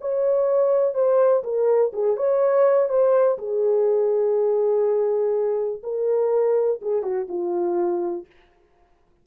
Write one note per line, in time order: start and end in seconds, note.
0.00 0.94 C#5
0.94 1.43 C5
1.43 1.92 A#4
1.92 2.16 G#4
2.16 2.88 C#5
2.88 3.37 C5
3.38 5.82 G#4
5.83 6.80 A#4
6.81 7.02 G#4
7.02 7.26 F#4
7.28 8.26 F4